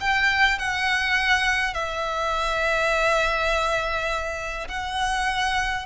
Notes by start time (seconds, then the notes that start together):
0.00 G5
0.58 F#5
1.73 E5
4.68 F#5